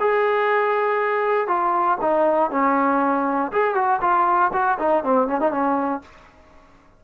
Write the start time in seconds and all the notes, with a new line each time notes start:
0.00 G#4
1.48 F4
2.01 D#4
2.51 C#4
3.52 G#4
3.75 F#4
4.01 F4
4.53 F#4
4.79 D#4
5.04 C4
5.28 C#4
5.40 D#4
5.51 C#4